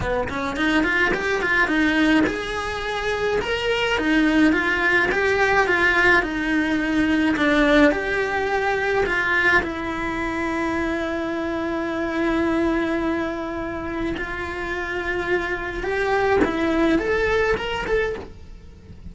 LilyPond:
\new Staff \with { instrumentName = "cello" } { \time 4/4 \tempo 4 = 106 b8 cis'8 dis'8 f'8 g'8 f'8 dis'4 | gis'2 ais'4 dis'4 | f'4 g'4 f'4 dis'4~ | dis'4 d'4 g'2 |
f'4 e'2.~ | e'1~ | e'4 f'2. | g'4 e'4 a'4 ais'8 a'8 | }